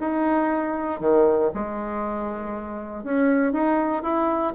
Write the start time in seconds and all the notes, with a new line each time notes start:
0.00 D#4
1.00 D#3
1.54 G#3
3.03 C#4
3.52 D#4
4.02 E4